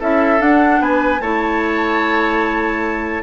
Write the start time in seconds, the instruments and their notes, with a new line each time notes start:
0.00 bassoon C#4, clarinet E4, oboe A4, flute E5
0.40 clarinet D4, bassoon D4, flute F#5
0.80 bassoon B3, oboe B4, flute G#5
1.20 bassoon A3, clarinet E4, oboe C#5, flute A5